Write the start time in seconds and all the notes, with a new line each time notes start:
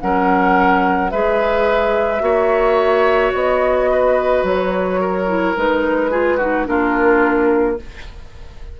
0.00 F#3 C#4 A#4 F#5
1.10 G#3 G#4 B4 E5
2.19 A#3 F#4 C#5
3.33 B3 D#5
3.91 B4
4.43 F#3 C#5
5.00 A#4
5.27 E4
5.56 G#3 D#4 B4
6.10 F4 G#4
6.37 D#4 F#4
6.65 A#3 D4 F4 A#4